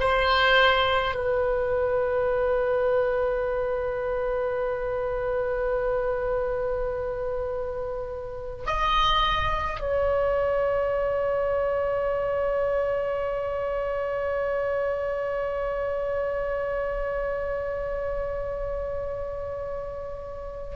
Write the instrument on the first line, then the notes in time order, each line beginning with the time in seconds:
oboe
0.00 C5
1.15 B4
8.66 D#5
9.80 C#5